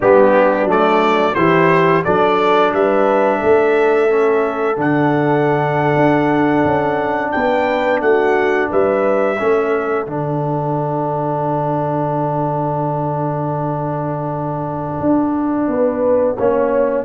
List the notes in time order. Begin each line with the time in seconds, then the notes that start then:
0.00 G3 B3 D4 G4
0.64 F#3 A3 D5
1.34 E3 E4 G4 C5
2.04 F#3 D4 A4 D5
2.72 G3 B4 E5
3.38 A3 A4
4.09 C#4
4.76 D3 D4 F#5
5.95 D4
6.64 C#4
7.31 B3 B4 G5
8.00 A3 F#4 F#5
8.70 G3 B4 E5
9.38 A3 C#4 A4
10.06 D3 D4 F#5
15.00 D4
15.67 B3 B4
16.36 A#3 C#4 C#5